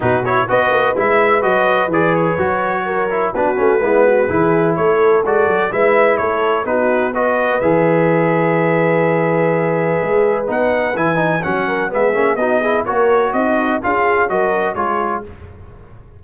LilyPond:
<<
  \new Staff \with { instrumentName = "trumpet" } { \time 4/4 \tempo 4 = 126 b'8 cis''8 dis''4 e''4 dis''4 | d''8 cis''2~ cis''8 b'4~ | b'2 cis''4 d''4 | e''4 cis''4 b'4 dis''4 |
e''1~ | e''2 fis''4 gis''4 | fis''4 e''4 dis''4 cis''4 | dis''4 f''4 dis''4 cis''4 | }
  \new Staff \with { instrumentName = "horn" } { \time 4/4 fis'4 b'2.~ | b'2 ais'4 fis'4 | e'8 fis'8 gis'4 a'2 | b'4 a'4 fis'4 b'4~ |
b'1~ | b'1~ | b'8 ais'8 gis'4 fis'8 gis'8 ais'4 | dis'4 gis'4 ais'4 gis'4 | }
  \new Staff \with { instrumentName = "trombone" } { \time 4/4 dis'8 e'8 fis'4 e'4 fis'4 | gis'4 fis'4. e'8 d'8 cis'8 | b4 e'2 fis'4 | e'2 dis'4 fis'4 |
gis'1~ | gis'2 dis'4 e'8 dis'8 | cis'4 b8 cis'8 dis'8 e'8 fis'4~ | fis'4 f'4 fis'4 f'4 | }
  \new Staff \with { instrumentName = "tuba" } { \time 4/4 b,4 b8 ais8 gis4 fis4 | e4 fis2 b8 a8 | gis4 e4 a4 gis8 fis8 | gis4 a4 b2 |
e1~ | e4 gis4 b4 e4 | fis4 gis8 ais8 b4 ais4 | c'4 cis'4 fis4 gis4 | }
>>